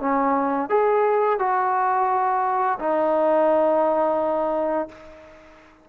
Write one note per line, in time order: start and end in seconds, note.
0.00 0.69 C#4
0.69 1.39 G#4
1.39 2.79 F#4
2.79 4.89 D#4